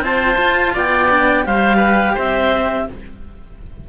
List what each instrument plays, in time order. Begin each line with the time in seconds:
0.00 cello C4 F4, oboe C5, clarinet A5
0.37 cello F4
0.73 cello B3, oboe D5, clarinet G5
1.09 cello D4
1.43 cello G3 G4, oboe C5, clarinet F5
1.77 oboe B4
2.14 cello C4, oboe C5, clarinet E5